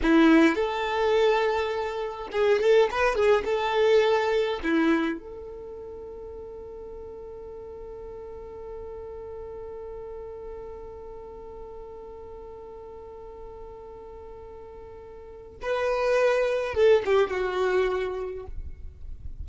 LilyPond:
\new Staff \with { instrumentName = "violin" } { \time 4/4 \tempo 4 = 104 e'4 a'2. | gis'8 a'8 b'8 gis'8 a'2 | e'4 a'2.~ | a'1~ |
a'1~ | a'1~ | a'2. b'4~ | b'4 a'8 g'8 fis'2 | }